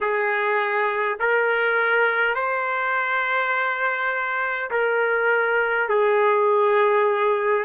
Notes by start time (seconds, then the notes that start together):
0.00 G#4
1.19 A#4
2.35 C5
4.71 A#4
5.88 G#4